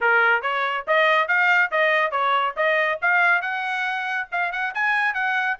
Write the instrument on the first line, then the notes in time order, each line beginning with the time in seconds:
trumpet
0.00 A#4
0.42 C#5
0.87 D#5
1.27 F5
1.71 D#5
2.11 C#5
2.56 D#5
3.01 F5
3.41 F#5
4.31 F5
4.52 F#5
4.74 G#5
5.14 F#5